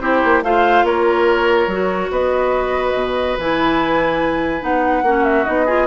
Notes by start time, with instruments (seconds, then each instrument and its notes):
0.00 bassoon C4, clarinet E4, oboe G4, flute C5
0.24 bassoon A#3
0.43 bassoon A3, clarinet F4, oboe C5, flute F5
0.83 bassoon A#3, oboe A#4, flute C#5
1.67 bassoon F#3, clarinet F#4
2.10 bassoon B3, oboe B4, flute D#5
2.94 bassoon B2
3.38 bassoon E3, clarinet E4, flute G#5
4.60 bassoon B3, clarinet D#4, flute F#5
5.02 bassoon A#3, clarinet C#4, oboe F#4
5.24 flute E5
5.44 bassoon B3, clarinet D#4, flute D#5
5.65 clarinet F4, oboe G#4